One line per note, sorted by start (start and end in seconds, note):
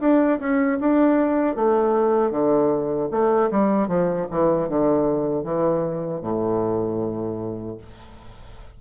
0.00 0.39 D4
0.39 0.78 C#4
0.80 1.56 D4
1.56 2.31 A3
2.31 3.09 D3
3.11 3.50 A3
3.51 3.87 G3
3.87 4.26 F3
4.31 4.69 E3
4.69 5.44 D3
5.44 6.22 E3
6.22 7.77 A2